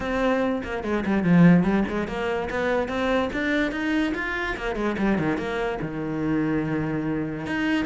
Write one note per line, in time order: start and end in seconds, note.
0.00 0.62 C4
0.63 0.83 A#3
0.83 1.04 G#3
1.05 1.23 G3
1.23 1.63 F3
1.63 1.84 G3
1.88 2.07 G#3
2.07 2.48 A#3
2.50 2.88 B3
2.88 3.29 C4
3.33 3.71 D4
3.71 4.13 D#4
4.15 4.56 F4
4.56 4.75 A#3
4.75 4.96 G#3
4.97 5.18 G3
5.18 5.37 D#3
5.37 5.78 A#3
5.81 7.46 D#3
7.46 7.85 D#4